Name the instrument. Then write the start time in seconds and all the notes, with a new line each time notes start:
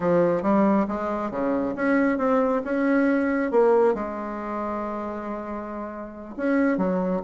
bassoon
0.00 F3
0.42 G3
0.88 G#3
1.30 C#3
1.75 C#4
2.18 C4
2.64 C#4
3.51 A#3
3.94 G#3
6.36 C#4
6.77 F#3